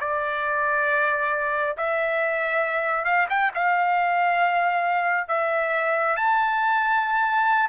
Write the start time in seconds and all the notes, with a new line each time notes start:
0.00 D5
1.77 E5
3.05 F5
3.30 G5
3.55 F5
5.28 E5
6.17 A5